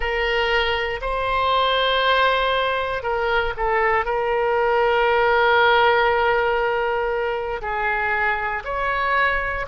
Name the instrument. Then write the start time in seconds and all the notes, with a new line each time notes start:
oboe
0.00 A#4
1.01 C5
3.02 A#4
3.56 A4
4.05 A#4
7.61 G#4
8.64 C#5